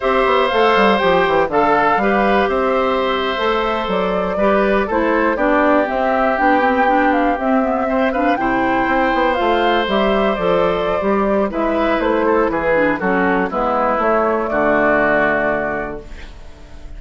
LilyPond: <<
  \new Staff \with { instrumentName = "flute" } { \time 4/4 \tempo 4 = 120 e''4 f''4 g''4 f''4~ | f''4 e''2~ e''8. d''16~ | d''4.~ d''16 c''4 d''4 e''16~ | e''8. g''4. f''8 e''4~ e''16~ |
e''16 f''8 g''2 f''4 e''16~ | e''8. d''2~ d''16 e''4 | c''4 b'4 a'4 b'4 | cis''4 d''2. | }
  \new Staff \with { instrumentName = "oboe" } { \time 4/4 c''2. a'4 | b'4 c''2.~ | c''8. b'4 a'4 g'4~ g'16~ | g'2.~ g'8. c''16~ |
c''16 b'8 c''2.~ c''16~ | c''2. b'4~ | b'8 a'8 gis'4 fis'4 e'4~ | e'4 fis'2. | }
  \new Staff \with { instrumentName = "clarinet" } { \time 4/4 g'4 a'4 g'4 a'4 | g'2~ g'8. a'4~ a'16~ | a'8. g'4 e'4 d'4 c'16~ | c'8. d'8 c'8 d'4 c'8 b8 c'16~ |
c'16 d'8 e'2 f'4 g'16~ | g'8. a'4~ a'16 g'4 e'4~ | e'4. d'8 cis'4 b4 | a1 | }
  \new Staff \with { instrumentName = "bassoon" } { \time 4/4 c'8 b8 a8 g8 f8 e8 d4 | g4 c'4.~ c'16 a4 fis16~ | fis8. g4 a4 b4 c'16~ | c'8. b2 c'4~ c'16~ |
c'8. c4 c'8 b8 a4 g16~ | g8. f4~ f16 g4 gis4 | a4 e4 fis4 gis4 | a4 d2. | }
>>